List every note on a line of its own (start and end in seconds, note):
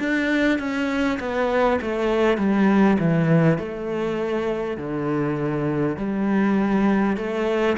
0.00 0.59 D4
0.59 1.19 C#4
1.20 1.80 B3
1.82 2.38 A3
2.38 2.98 G3
2.99 3.59 E3
3.59 4.78 A3
4.78 5.97 D3
5.97 7.17 G3
7.17 7.77 A3